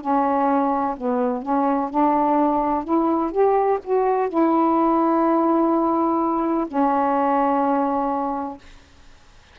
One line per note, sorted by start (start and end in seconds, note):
0.00 0.95 C#4
0.97 1.42 B3
1.42 1.90 C#4
1.90 2.84 D4
2.84 3.31 E4
3.31 3.79 G4
3.83 4.29 F#4
4.29 6.67 E4
6.67 8.58 C#4